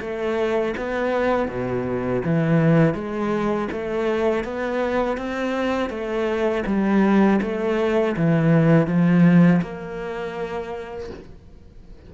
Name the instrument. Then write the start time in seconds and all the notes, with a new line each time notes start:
cello
0.00 A3
0.77 B3
1.48 B2
2.25 E3
2.94 G#3
3.71 A3
4.44 B3
5.17 C4
5.90 A3
6.66 G3
7.41 A3
8.16 E3
8.87 F3
9.61 A#3